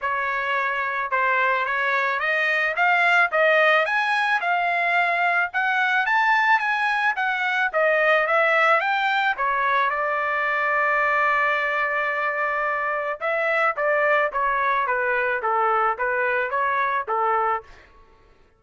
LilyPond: \new Staff \with { instrumentName = "trumpet" } { \time 4/4 \tempo 4 = 109 cis''2 c''4 cis''4 | dis''4 f''4 dis''4 gis''4 | f''2 fis''4 a''4 | gis''4 fis''4 dis''4 e''4 |
g''4 cis''4 d''2~ | d''1 | e''4 d''4 cis''4 b'4 | a'4 b'4 cis''4 a'4 | }